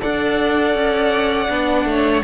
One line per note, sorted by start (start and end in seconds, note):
0.00 0.74 D4
0.00 1.48 A4
0.00 1.87 D5
0.00 2.23 F#5
0.74 1.48 C#4
1.49 1.85 B3
1.49 2.23 D4
1.85 2.22 A3
1.85 2.23 C#5